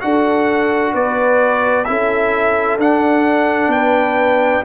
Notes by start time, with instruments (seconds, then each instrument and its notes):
0.00 tuba D4, trombone F#4, horn A4, trumpet F#5
0.93 tuba B3, horn B4, trumpet D5
1.84 tuba C#4, trombone E4, horn A4, trumpet E5
2.77 tuba D4, trombone D4, trumpet F#5
3.67 tuba B3, horn B4, trumpet G5